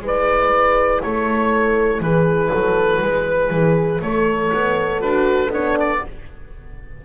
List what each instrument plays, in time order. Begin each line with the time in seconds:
0.00 double bass G#3, horn E4 B4
0.07 oboe D5
1.02 double bass A3, horn A4, oboe C#5
2.00 double bass E3, horn G#4, oboe B4
2.52 double bass F#3, horn A4
3.02 double bass G#3, horn B4
3.50 double bass E3, horn G#4
4.01 double bass A3, horn A4, oboe C#5
4.53 double bass B3
5.00 double bass D4, horn F#4, oboe B4
5.49 double bass B3, horn D4, oboe C#5
5.79 oboe D5